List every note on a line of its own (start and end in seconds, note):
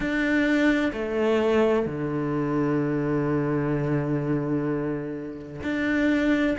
0.00 0.92 D4
0.92 1.86 A3
1.86 5.61 D3
5.62 6.56 D4